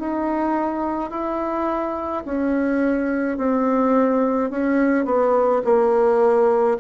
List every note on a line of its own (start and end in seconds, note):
0.00 1.11 D#4
1.11 2.24 E4
2.25 3.38 C#4
3.38 4.51 C4
4.51 5.06 C#4
5.06 5.62 B3
5.65 6.78 A#3